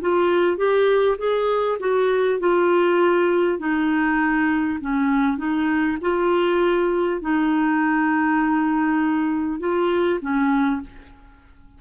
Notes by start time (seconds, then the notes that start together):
0.00 F4
0.57 G4
1.18 G#4
1.79 F#4
2.39 F4
3.58 D#4
4.80 C#4
5.37 D#4
6.01 F4
7.21 D#4
9.59 F4
10.21 C#4